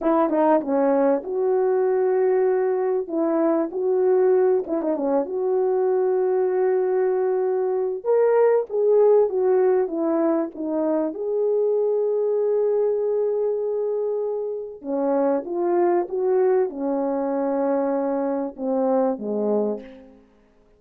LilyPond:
\new Staff \with { instrumentName = "horn" } { \time 4/4 \tempo 4 = 97 e'8 dis'8 cis'4 fis'2~ | fis'4 e'4 fis'4. e'16 dis'16 | cis'8 fis'2.~ fis'8~ | fis'4 ais'4 gis'4 fis'4 |
e'4 dis'4 gis'2~ | gis'1 | cis'4 f'4 fis'4 cis'4~ | cis'2 c'4 gis4 | }